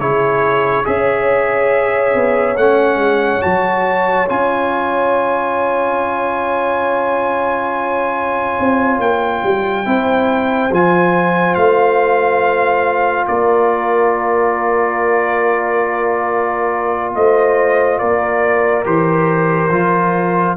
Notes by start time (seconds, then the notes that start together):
0.00 C#3 E4 G#4 C#5
0.85 C#4 G#4 C#5 E5
2.15 B3
2.57 A3 C#4 F#5
2.97 G#3
3.42 F#3 F#4 A5
4.29 C#4 F4 G#5
8.60 C4
9.00 A#3 G5
9.44 G3
9.86 C4 E4 C5
10.72 F3 F4 G#5
11.55 A3 F5
13.27 A#3 A#4 D5
17.16 A3 C5 D#5
17.99 A#3 A#4 D5
18.85 E3 G4 C5
19.70 F3 F4